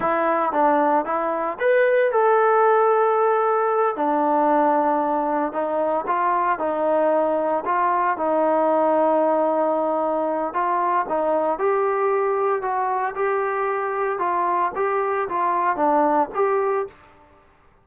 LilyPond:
\new Staff \with { instrumentName = "trombone" } { \time 4/4 \tempo 4 = 114 e'4 d'4 e'4 b'4 | a'2.~ a'8 d'8~ | d'2~ d'8 dis'4 f'8~ | f'8 dis'2 f'4 dis'8~ |
dis'1 | f'4 dis'4 g'2 | fis'4 g'2 f'4 | g'4 f'4 d'4 g'4 | }